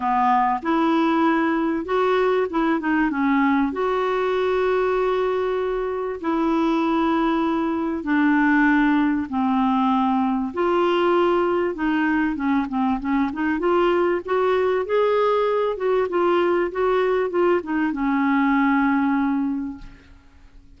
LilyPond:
\new Staff \with { instrumentName = "clarinet" } { \time 4/4 \tempo 4 = 97 b4 e'2 fis'4 | e'8 dis'8 cis'4 fis'2~ | fis'2 e'2~ | e'4 d'2 c'4~ |
c'4 f'2 dis'4 | cis'8 c'8 cis'8 dis'8 f'4 fis'4 | gis'4. fis'8 f'4 fis'4 | f'8 dis'8 cis'2. | }